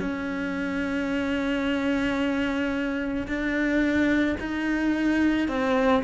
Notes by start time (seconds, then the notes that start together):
0.00 C#4
3.27 D4
4.40 D#4
5.48 C4